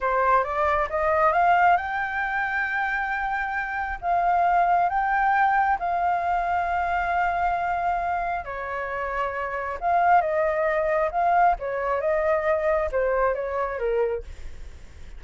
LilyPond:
\new Staff \with { instrumentName = "flute" } { \time 4/4 \tempo 4 = 135 c''4 d''4 dis''4 f''4 | g''1~ | g''4 f''2 g''4~ | g''4 f''2.~ |
f''2. cis''4~ | cis''2 f''4 dis''4~ | dis''4 f''4 cis''4 dis''4~ | dis''4 c''4 cis''4 ais'4 | }